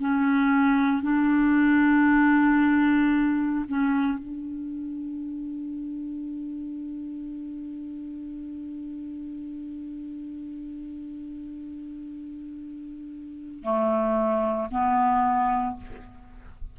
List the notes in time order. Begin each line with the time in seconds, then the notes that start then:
0.00 C#4
1.02 D4
3.67 C#4
4.18 D4
13.63 A3
14.71 B3